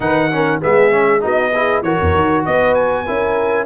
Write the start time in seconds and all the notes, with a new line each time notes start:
0.00 D#3 D#4 B4 F#5
0.32 C#4 A#4
0.61 G#3 B3 G#4 E5
0.91 C#4
1.20 B3 D#4 F#4 D#5
1.54 E4 G#4
1.82 E3 F#4 A#4 C#5
2.01 E2
2.15 D#3
2.45 B3 B4 D#5
2.74 G#5
3.06 C#4 E4 A#4